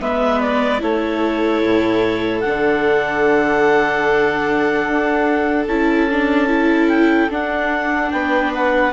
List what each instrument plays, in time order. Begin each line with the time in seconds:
0.00 bassoon G#3, viola B3, violin B4, clarinet E5
0.41 clarinet D5
0.79 bassoon A3, viola E4, violin A4, clarinet C#5
1.63 bassoon A2
2.40 viola D4, clarinet F#5
2.47 bassoon D3
4.88 bassoon D4
5.67 bassoon C#4, viola E4, clarinet A5
6.11 viola D4
6.47 viola E4
6.89 clarinet G5
7.29 bassoon D4, viola D4, clarinet F#5
8.10 bassoon B3, violin B4, clarinet G5
8.54 clarinet F#5